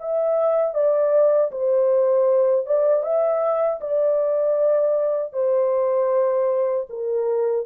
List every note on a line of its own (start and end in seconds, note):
0.00 0.74 E5
0.74 1.51 D5
1.52 2.66 C5
2.66 3.03 D5
3.03 3.80 E5
3.81 5.33 D5
5.33 6.87 C5
6.90 7.66 A#4